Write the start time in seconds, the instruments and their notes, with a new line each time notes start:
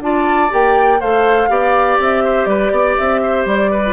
0.00 bassoon D4, clarinet F4, oboe D5, flute A5
0.49 bassoon A#3, clarinet G4, flute G5
1.00 bassoon A3, clarinet A4, oboe C5, flute F5
1.49 bassoon B3, clarinet G4, oboe D5
1.99 bassoon C4, flute E5
2.24 oboe C5
2.45 bassoon G3, oboe B4, flute D5
2.71 bassoon B3, oboe D5
2.97 bassoon C4, flute E5
3.22 oboe C5
3.45 bassoon G3, flute D5
3.71 oboe B4
3.86 clarinet F4